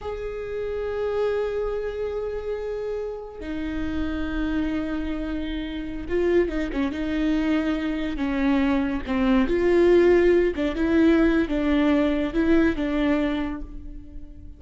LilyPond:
\new Staff \with { instrumentName = "viola" } { \time 4/4 \tempo 4 = 141 gis'1~ | gis'1 | dis'1~ | dis'2~ dis'16 f'4 dis'8 cis'16~ |
cis'16 dis'2. cis'8.~ | cis'4~ cis'16 c'4 f'4.~ f'16~ | f'8. d'8 e'4.~ e'16 d'4~ | d'4 e'4 d'2 | }